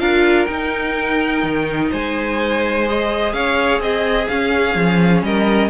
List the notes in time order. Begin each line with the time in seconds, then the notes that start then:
0.00 D4 F4 A#4 F5
0.46 D#4 G5
1.43 D#3
1.91 G#3 C5 G#5
2.87 G#4 D#5
3.33 C#4 C#5 F5
3.80 C4 G#4 D#5
4.28 C#4 F5
4.75 F3
5.23 G3 A#4 D#5